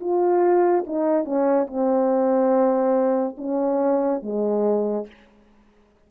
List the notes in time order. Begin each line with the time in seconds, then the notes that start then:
0.00 F4
0.86 D#4
1.24 C#4
1.67 C4
3.37 C#4
4.22 G#3